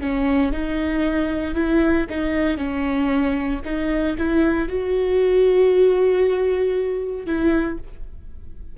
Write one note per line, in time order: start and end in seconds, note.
0.00 0.52 C#4
0.52 1.54 D#4
1.54 2.06 E4
2.09 2.57 D#4
2.57 3.60 C#4
3.64 4.16 D#4
4.17 4.68 E4
4.68 7.26 F#4
7.26 7.77 E4